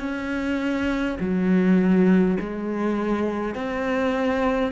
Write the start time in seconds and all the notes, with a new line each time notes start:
0.00 C#4
1.20 F#3
2.41 G#3
3.55 C4